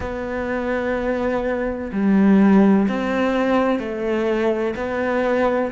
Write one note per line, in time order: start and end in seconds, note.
0.00 1.90 B3
1.92 2.87 G3
2.88 3.79 C4
3.79 4.74 A3
4.76 5.71 B3